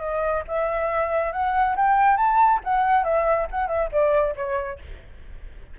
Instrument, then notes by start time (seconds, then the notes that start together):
flute
0.00 D#5
0.47 E5
1.32 F#5
1.76 G5
2.17 A5
2.64 F#5
3.04 E5
3.51 F#5
3.67 E5
3.92 D5
4.36 C#5